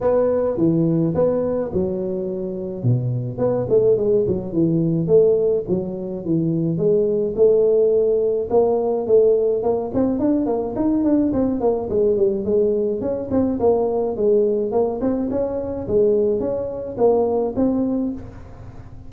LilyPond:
\new Staff \with { instrumentName = "tuba" } { \time 4/4 \tempo 4 = 106 b4 e4 b4 fis4~ | fis4 b,4 b8 a8 gis8 fis8 | e4 a4 fis4 e4 | gis4 a2 ais4 |
a4 ais8 c'8 d'8 ais8 dis'8 d'8 | c'8 ais8 gis8 g8 gis4 cis'8 c'8 | ais4 gis4 ais8 c'8 cis'4 | gis4 cis'4 ais4 c'4 | }